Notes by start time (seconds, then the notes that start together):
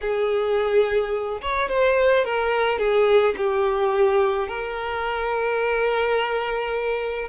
0.01 G#4
1.41 C#5
1.68 C5
2.25 A#4
2.78 G#4
3.37 G4
4.48 A#4